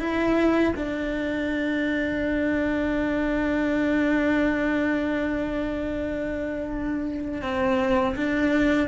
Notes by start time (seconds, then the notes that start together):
0.00 E4
0.77 D4
7.42 C4
8.16 D4